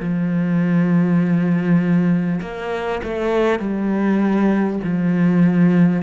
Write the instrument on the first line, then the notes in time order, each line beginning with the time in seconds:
cello
0.00 F3
2.41 A#3
3.03 A3
3.59 G3
4.83 F3